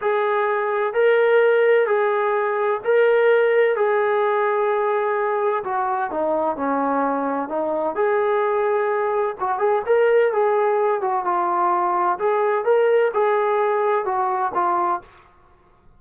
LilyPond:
\new Staff \with { instrumentName = "trombone" } { \time 4/4 \tempo 4 = 128 gis'2 ais'2 | gis'2 ais'2 | gis'1 | fis'4 dis'4 cis'2 |
dis'4 gis'2. | fis'8 gis'8 ais'4 gis'4. fis'8 | f'2 gis'4 ais'4 | gis'2 fis'4 f'4 | }